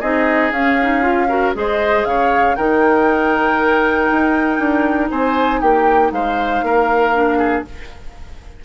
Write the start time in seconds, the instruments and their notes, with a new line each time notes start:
0.00 bassoon C4, clarinet D#4, oboe G#4, flute D#5
0.51 bassoon C#4, clarinet C#4, flute F5
0.81 clarinet D#4
1.02 clarinet F4
1.28 clarinet F#4, oboe A#4
1.54 bassoon G#3, clarinet G#4, oboe C5, flute D#5
2.04 bassoon C#3, oboe C#5, flute F5
2.55 bassoon D#3, clarinet D#4, oboe A#4, flute G5
4.11 bassoon D#4
4.59 bassoon D4
5.10 bassoon C4, oboe C5, flute G#5
5.60 bassoon A#3, oboe G4, flute G5
6.11 bassoon G#3, oboe C5, flute F5
6.62 bassoon A#3, oboe A#4
7.13 clarinet D4
7.38 oboe G#4